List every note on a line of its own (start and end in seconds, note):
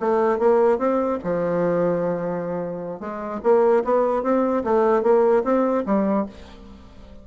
0.00 0.39 A3
0.39 0.78 A#3
0.78 1.19 C4
1.24 3.00 F3
3.00 3.40 G#3
3.43 3.83 A#3
3.84 4.23 B3
4.23 4.63 C4
4.64 5.03 A3
5.03 5.43 A#3
5.44 5.84 C4
5.86 6.26 G3